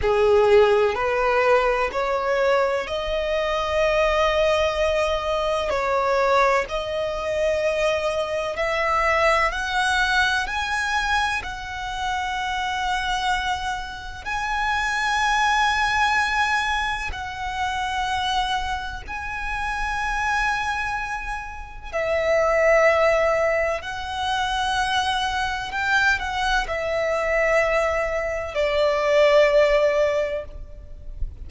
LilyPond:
\new Staff \with { instrumentName = "violin" } { \time 4/4 \tempo 4 = 63 gis'4 b'4 cis''4 dis''4~ | dis''2 cis''4 dis''4~ | dis''4 e''4 fis''4 gis''4 | fis''2. gis''4~ |
gis''2 fis''2 | gis''2. e''4~ | e''4 fis''2 g''8 fis''8 | e''2 d''2 | }